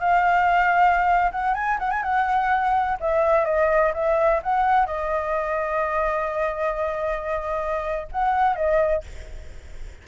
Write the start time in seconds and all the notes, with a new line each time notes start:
0.00 F5
1.32 F#5
1.54 G#5
1.79 F#5
1.91 G#5
2.03 F#5
3.00 E5
3.45 D#5
3.94 E5
4.43 F#5
4.86 D#5
8.12 F#5
8.56 D#5